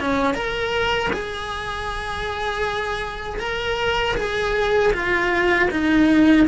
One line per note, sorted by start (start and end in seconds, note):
0.00 0.35 C#4
0.35 1.11 A#4
1.13 3.40 G#4
3.40 4.16 A#4
4.17 4.93 G#4
4.93 5.69 F4
5.71 6.47 D#4